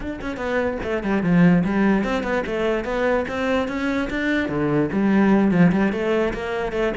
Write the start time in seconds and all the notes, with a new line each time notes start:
0.00 D4
0.21 C#4
0.36 B3
0.83 A3
1.03 G3
1.22 F3
1.64 G3
2.04 C4
2.23 B3
2.46 A3
2.84 B3
3.28 C4
3.68 C#4
4.10 D4
4.48 D3
4.92 G3
5.51 F3
5.72 G3
5.92 A3
6.33 A#3
6.72 A3